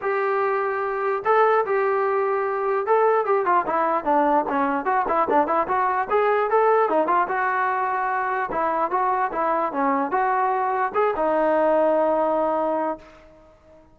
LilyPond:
\new Staff \with { instrumentName = "trombone" } { \time 4/4 \tempo 4 = 148 g'2. a'4 | g'2. a'4 | g'8 f'8 e'4 d'4 cis'4 | fis'8 e'8 d'8 e'8 fis'4 gis'4 |
a'4 dis'8 f'8 fis'2~ | fis'4 e'4 fis'4 e'4 | cis'4 fis'2 gis'8 dis'8~ | dis'1 | }